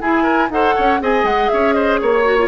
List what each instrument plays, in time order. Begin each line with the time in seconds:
0.00 bassoon E4, clarinet E4, oboe G#4, flute G#5
0.23 oboe A#4
0.50 bassoon D#4, clarinet A4, oboe C5, flute F#5
0.75 bassoon C#4, oboe C#5
1.00 bassoon C4, clarinet G#4, oboe D#5, flute G#5
1.23 bassoon G#3, flute F#5
1.48 bassoon C#4, oboe C#5, flute E5
1.72 oboe C5, flute D#5
1.98 bassoon A#3, flute C#5, oboe C#5
2.24 clarinet F#4
2.38 clarinet F4